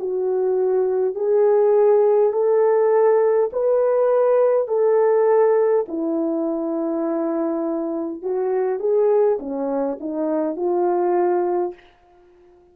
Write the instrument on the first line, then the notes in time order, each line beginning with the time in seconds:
horn
0.00 F#4
1.16 G#4
2.33 A4
3.53 B4
4.68 A4
5.88 E4
8.22 F#4
8.80 G#4
9.40 C#4
10.01 D#4
10.57 F4